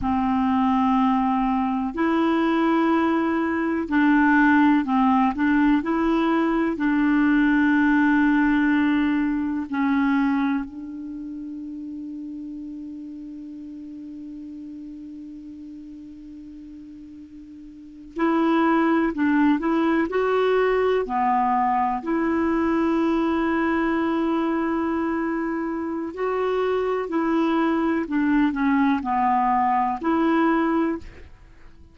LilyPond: \new Staff \with { instrumentName = "clarinet" } { \time 4/4 \tempo 4 = 62 c'2 e'2 | d'4 c'8 d'8 e'4 d'4~ | d'2 cis'4 d'4~ | d'1~ |
d'2~ d'8. e'4 d'16~ | d'16 e'8 fis'4 b4 e'4~ e'16~ | e'2. fis'4 | e'4 d'8 cis'8 b4 e'4 | }